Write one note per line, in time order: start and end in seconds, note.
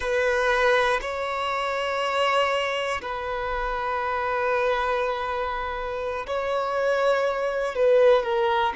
0.00 1.00 B4
1.00 3.00 C#5
3.01 6.26 B4
6.26 7.75 C#5
7.75 8.23 B4
8.23 8.73 A#4